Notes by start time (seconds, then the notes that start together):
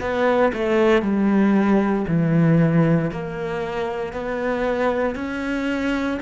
0.00 B3
0.53 A3
1.02 G3
2.07 E3
3.11 A#3
4.12 B3
5.15 C#4